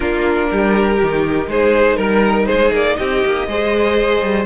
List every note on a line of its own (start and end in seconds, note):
0.00 0.50 A#3
0.00 0.99 D4
0.00 0.49 F4
0.00 1.49 A#4
0.51 1.01 G3
0.51 1.49 G4
1.02 1.47 D#3
1.02 3.49 D#4
1.47 1.96 G#3
1.47 1.96 G#4
1.47 1.97 C5
1.96 2.47 G3
1.96 2.46 A#4
2.46 2.70 G#3
2.46 2.96 G#4
2.46 2.71 C5
2.70 2.95 A#3
2.70 2.96 D5
2.96 3.24 C4
2.96 3.48 G4
2.96 4.45 D#5
3.25 3.46 A#3
3.46 4.21 G#3
3.46 4.45 G#4
3.46 4.45 C5
4.21 4.45 G3